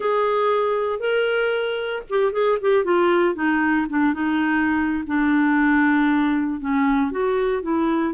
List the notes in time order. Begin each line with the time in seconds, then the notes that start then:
0.00 G#4
0.99 A#4
2.09 G4
2.32 G#4
2.61 G4
2.84 F4
3.35 D#4
3.89 D4
4.13 D#4
5.06 D4
6.60 C#4
7.11 F#4
7.62 E4